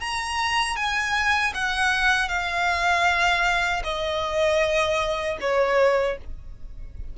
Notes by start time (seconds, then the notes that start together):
0.00 A#5
0.76 G#5
1.54 F#5
2.28 F5
3.84 D#5
5.40 C#5